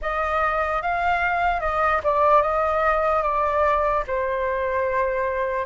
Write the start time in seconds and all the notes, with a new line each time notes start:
0.01 D#5
0.82 F5
1.60 D#5
2.03 D5
2.42 D#5
3.22 D5
4.07 C5